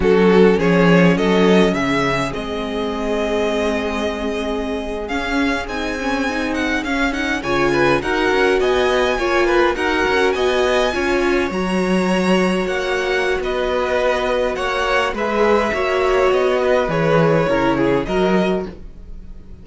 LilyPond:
<<
  \new Staff \with { instrumentName = "violin" } { \time 4/4 \tempo 4 = 103 a'4 cis''4 dis''4 e''4 | dis''1~ | dis''8. f''4 gis''4. fis''8 f''16~ | f''16 fis''8 gis''4 fis''4 gis''4~ gis''16~ |
gis''8. fis''4 gis''2 ais''16~ | ais''4.~ ais''16 fis''4~ fis''16 dis''4~ | dis''4 fis''4 e''2 | dis''4 cis''2 dis''4 | }
  \new Staff \with { instrumentName = "violin" } { \time 4/4 fis'4 gis'4 a'4 gis'4~ | gis'1~ | gis'1~ | gis'8. cis''8 b'8 ais'4 dis''4 cis''16~ |
cis''16 b'8 ais'4 dis''4 cis''4~ cis''16~ | cis''2. b'4~ | b'4 cis''4 b'4 cis''4~ | cis''8 b'4. ais'8 gis'8 ais'4 | }
  \new Staff \with { instrumentName = "viola" } { \time 4/4 cis'1 | c'1~ | c'8. cis'4 dis'8 cis'8 dis'4 cis'16~ | cis'16 dis'8 f'4 fis'2 f'16~ |
f'8. fis'2 f'4 fis'16~ | fis'1~ | fis'2 gis'4 fis'4~ | fis'4 gis'4 e'4 fis'4 | }
  \new Staff \with { instrumentName = "cello" } { \time 4/4 fis4 f4 fis4 cis4 | gis1~ | gis8. cis'4 c'2 cis'16~ | cis'8. cis4 dis'8 cis'8 b4 ais16~ |
ais8. dis'8 cis'8 b4 cis'4 fis16~ | fis4.~ fis16 ais4~ ais16 b4~ | b4 ais4 gis4 ais4 | b4 e4 cis4 fis4 | }
>>